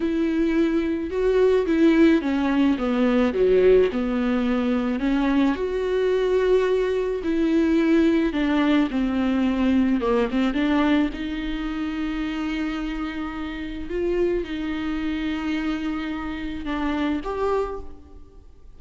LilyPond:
\new Staff \with { instrumentName = "viola" } { \time 4/4 \tempo 4 = 108 e'2 fis'4 e'4 | cis'4 b4 fis4 b4~ | b4 cis'4 fis'2~ | fis'4 e'2 d'4 |
c'2 ais8 c'8 d'4 | dis'1~ | dis'4 f'4 dis'2~ | dis'2 d'4 g'4 | }